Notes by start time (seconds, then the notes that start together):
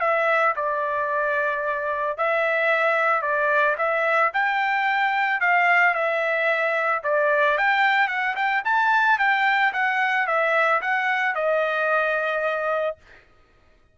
0.00 E5
0.56 D5
2.17 E5
3.21 D5
3.77 E5
4.33 G5
5.40 F5
5.94 E5
7.03 D5
7.57 G5
8.08 F#5
8.35 G5
8.64 A5
9.18 G5
9.72 F#5
10.27 E5
10.81 F#5
11.35 D#5